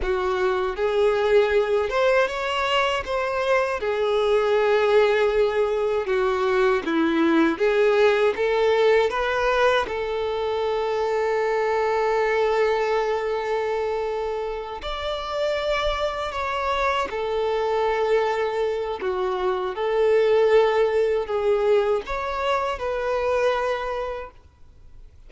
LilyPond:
\new Staff \with { instrumentName = "violin" } { \time 4/4 \tempo 4 = 79 fis'4 gis'4. c''8 cis''4 | c''4 gis'2. | fis'4 e'4 gis'4 a'4 | b'4 a'2.~ |
a'2.~ a'8 d''8~ | d''4. cis''4 a'4.~ | a'4 fis'4 a'2 | gis'4 cis''4 b'2 | }